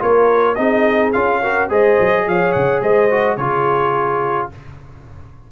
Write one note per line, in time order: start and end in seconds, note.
0.00 0.59 A#3
0.00 0.56 F4
0.00 0.57 A#4
0.00 0.55 C#5
0.55 1.15 C4
0.55 1.14 D#4
0.55 1.42 G#4
0.55 1.11 D#5
1.13 1.70 C#4
1.13 1.43 F4
1.13 1.69 F5
1.43 1.70 F#4
1.43 1.69 A#4
1.69 1.98 G#3
1.69 3.10 G#4
1.69 2.25 C5
1.69 2.29 D#5
2.00 2.27 F#3
2.27 2.55 F3
2.27 2.82 C#5
2.27 2.53 F5
2.53 2.82 C#3
2.53 2.81 F#5
2.82 3.37 G#3
2.82 3.38 C5
2.82 3.37 D#5
3.11 3.39 F#4
3.37 4.49 C#3
3.37 4.52 F4
3.37 4.51 G#4
3.37 4.49 C#5